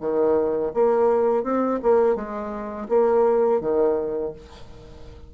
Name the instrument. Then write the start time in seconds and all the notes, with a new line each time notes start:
bassoon
0.00 D#3
0.74 A#3
1.44 C4
1.83 A#3
2.16 G#3
2.89 A#3
3.60 D#3